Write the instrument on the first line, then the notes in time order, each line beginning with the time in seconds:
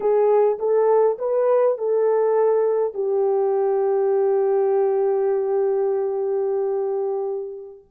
horn
0.00 G#4
0.58 A4
1.18 B4
1.77 A4
2.94 G4